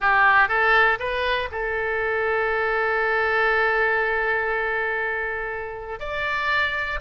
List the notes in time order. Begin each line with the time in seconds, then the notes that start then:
0.00 G4
0.48 A4
0.99 B4
1.51 A4
5.99 D5